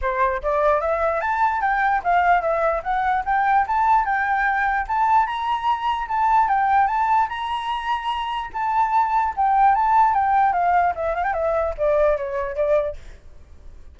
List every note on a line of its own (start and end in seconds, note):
0.01 0.42 C5
0.42 0.80 D5
0.80 1.20 E5
1.20 1.61 A5
1.61 2.02 G5
2.03 2.41 F5
2.41 2.82 E5
2.83 3.23 F#5
3.25 3.65 G5
3.67 4.05 A5
4.05 4.86 G5
4.87 5.26 A5
5.26 6.07 A#5
6.08 6.48 A5
6.48 6.87 G5
6.87 7.28 A5
7.28 8.50 A#5
8.53 9.34 A5
9.36 9.75 G5
9.75 10.14 A5
10.14 10.53 G5
10.53 10.93 F5
10.95 11.15 E5
11.15 11.23 F5
11.23 11.33 G5
11.33 11.74 E5
11.77 12.17 D5
12.17 12.55 C#5
12.55 12.96 D5